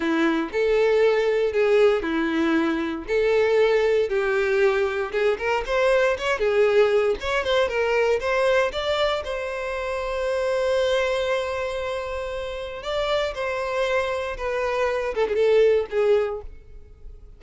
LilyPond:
\new Staff \with { instrumentName = "violin" } { \time 4/4 \tempo 4 = 117 e'4 a'2 gis'4 | e'2 a'2 | g'2 gis'8 ais'8 c''4 | cis''8 gis'4. cis''8 c''8 ais'4 |
c''4 d''4 c''2~ | c''1~ | c''4 d''4 c''2 | b'4. a'16 gis'16 a'4 gis'4 | }